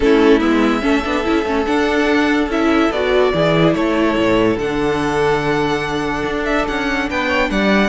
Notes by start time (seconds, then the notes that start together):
0.00 A3 C#4 E4 A4
0.40 G#3 B3 E5
0.81 A3 C#4 A4
1.04 B3 D4
1.23 C#4 E4
1.45 A3 C#4
1.65 D4 F#5
2.47 C#4 E4 E5
2.91 B3 F#4 D5
3.33 E3 E4 G#4
3.74 A3 A4 C#5
4.17 A2
4.56 D3 D4 F#5
6.25 D4
6.44 E5
6.67 C#4 F#5
7.09 B3 B4 G5
7.27 C#5
7.50 G3 D5 F#5